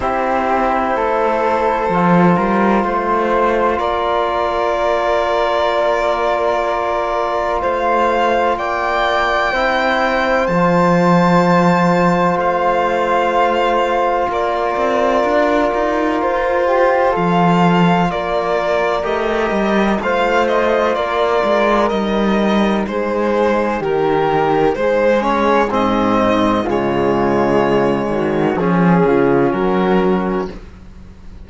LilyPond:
<<
  \new Staff \with { instrumentName = "violin" } { \time 4/4 \tempo 4 = 63 c''1 | d''1 | f''4 g''2 a''4~ | a''4 f''2 d''4~ |
d''4 c''4 f''4 d''4 | dis''4 f''8 dis''8 d''4 dis''4 | c''4 ais'4 c''8 cis''8 dis''4 | cis''2 gis'4 ais'4 | }
  \new Staff \with { instrumentName = "flute" } { \time 4/4 g'4 a'4. ais'8 c''4 | ais'1 | c''4 d''4 c''2~ | c''2. ais'4~ |
ais'4. g'8 a'4 ais'4~ | ais'4 c''4 ais'2 | gis'4 g'4 gis'4. dis'8 | f'4. fis'8 gis'8 f'8 fis'4 | }
  \new Staff \with { instrumentName = "trombone" } { \time 4/4 e'2 f'2~ | f'1~ | f'2 e'4 f'4~ | f'1~ |
f'1 | g'4 f'2 dis'4~ | dis'2~ dis'8 cis'8 c'4 | gis2 cis'2 | }
  \new Staff \with { instrumentName = "cello" } { \time 4/4 c'4 a4 f8 g8 a4 | ais1 | a4 ais4 c'4 f4~ | f4 a2 ais8 c'8 |
d'8 dis'8 f'4 f4 ais4 | a8 g8 a4 ais8 gis8 g4 | gis4 dis4 gis4 gis,4 | cis4. dis8 f8 cis8 fis4 | }
>>